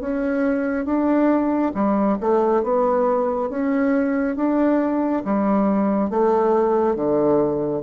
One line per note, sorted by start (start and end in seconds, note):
0.00 0.85 C#4
0.85 1.72 D4
1.74 2.17 G3
2.20 2.63 A3
2.63 3.49 B3
3.49 4.36 C#4
4.36 5.23 D4
5.25 6.10 G3
6.10 6.95 A3
6.95 7.82 D3